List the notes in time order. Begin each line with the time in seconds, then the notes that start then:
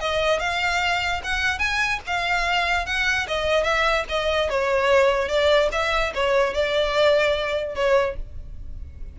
0.00 D#5
0.40 F5
1.23 F#5
1.58 G#5
2.07 F5
2.86 F#5
3.27 D#5
3.63 E5
4.09 D#5
4.50 C#5
5.28 D5
5.72 E5
6.14 C#5
6.53 D5
7.75 C#5